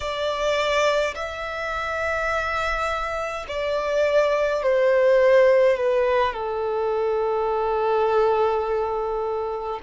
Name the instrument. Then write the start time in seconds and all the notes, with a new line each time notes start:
violin
0.00 D5
1.15 E5
3.48 D5
4.63 C5
5.77 B4
6.33 A4